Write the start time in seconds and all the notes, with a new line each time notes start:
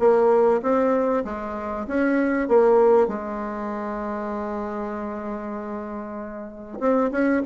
0.00 A#3
0.63 C4
1.25 G#3
1.88 C#4
2.49 A#3
3.08 G#3
6.80 C4
7.12 C#4